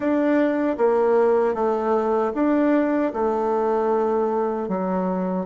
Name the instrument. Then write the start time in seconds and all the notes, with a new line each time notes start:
bassoon
0.00 D4
0.77 A#3
1.54 A3
2.34 D4
3.13 A3
4.68 F#3